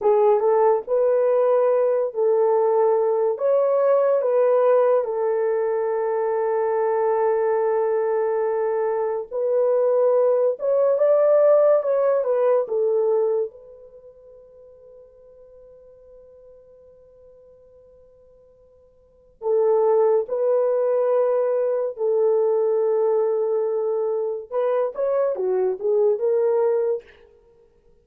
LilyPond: \new Staff \with { instrumentName = "horn" } { \time 4/4 \tempo 4 = 71 gis'8 a'8 b'4. a'4. | cis''4 b'4 a'2~ | a'2. b'4~ | b'8 cis''8 d''4 cis''8 b'8 a'4 |
b'1~ | b'2. a'4 | b'2 a'2~ | a'4 b'8 cis''8 fis'8 gis'8 ais'4 | }